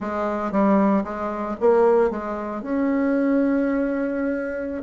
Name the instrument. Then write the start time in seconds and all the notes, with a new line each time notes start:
bassoon
0.00 G#3
0.51 G3
1.03 G#3
1.60 A#3
2.10 G#3
2.62 C#4